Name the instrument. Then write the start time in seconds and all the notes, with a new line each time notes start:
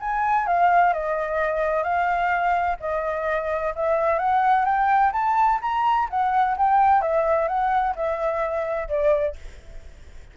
flute
0.00 G#5
0.47 F5
0.93 D#5
1.83 F5
2.80 D#5
3.75 E5
4.19 F#5
4.65 G5
5.12 A5
5.61 A#5
6.10 F#5
6.57 G5
7.01 E5
7.48 F#5
7.96 E5
8.88 D5